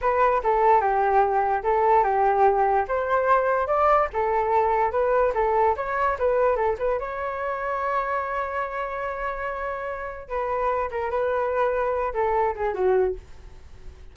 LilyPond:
\new Staff \with { instrumentName = "flute" } { \time 4/4 \tempo 4 = 146 b'4 a'4 g'2 | a'4 g'2 c''4~ | c''4 d''4 a'2 | b'4 a'4 cis''4 b'4 |
a'8 b'8 cis''2.~ | cis''1~ | cis''4 b'4. ais'8 b'4~ | b'4. a'4 gis'8 fis'4 | }